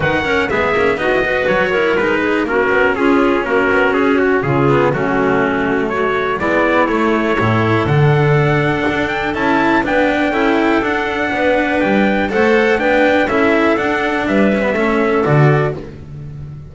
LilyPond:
<<
  \new Staff \with { instrumentName = "trumpet" } { \time 4/4 \tempo 4 = 122 fis''4 e''4 dis''4 cis''4 | b'4 ais'4 gis'4 ais'4 | gis'8 fis'8 gis'4 fis'2 | cis''4 d''4 cis''2 |
fis''2~ fis''8 g''8 a''4 | g''2 fis''2 | g''4 fis''4 g''4 e''4 | fis''4 e''2 d''4 | }
  \new Staff \with { instrumentName = "clarinet" } { \time 4/4 b'8 ais'8 gis'4 fis'8 b'4 ais'8~ | ais'8 gis'8 fis'4 f'4 fis'4~ | fis'4 f'4 cis'2 | fis'4 e'2 a'4~ |
a'1 | b'4 a'2 b'4~ | b'4 c''4 b'4 a'4~ | a'4 b'4 a'2 | }
  \new Staff \with { instrumentName = "cello" } { \time 4/4 dis'8 cis'8 b8 cis'8 dis'16 e'16 fis'4 e'8 | dis'4 cis'2.~ | cis'4. b8 a2~ | a4 b4 a4 e'4 |
d'2. e'4 | d'4 e'4 d'2~ | d'4 a'4 d'4 e'4 | d'4. cis'16 b16 cis'4 fis'4 | }
  \new Staff \with { instrumentName = "double bass" } { \time 4/4 dis4 gis8 ais8 b4 fis4 | gis4 ais8 b8 cis'4 ais8 b8 | cis'4 cis4 fis2~ | fis4 gis4 a4 a,4 |
d2 d'4 cis'4 | b4 cis'4 d'4 b4 | g4 a4 b4 cis'4 | d'4 g4 a4 d4 | }
>>